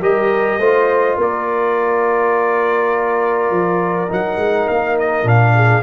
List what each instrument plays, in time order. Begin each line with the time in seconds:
0.00 tuba G3, trombone G4, horn A#4, trumpet D#5
0.58 tuba A3, trombone F4, horn C5
1.17 tuba A#3, horn A#4, trumpet D5
3.50 tuba F3
4.08 tuba F#3, trombone D#4, trumpet F#5
4.36 tuba G#3
4.68 tuba A#3, trumpet F5
4.99 trumpet D#5
5.23 tuba A#2, trombone D4, trumpet F5
5.55 horn G#4